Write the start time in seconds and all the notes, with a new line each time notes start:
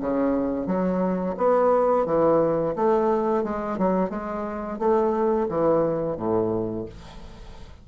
0.00 C#3
0.66 F#3
1.37 B3
2.06 E3
2.76 A3
3.44 G#3
3.78 F#3
4.09 G#3
4.79 A3
5.49 E3
6.17 A2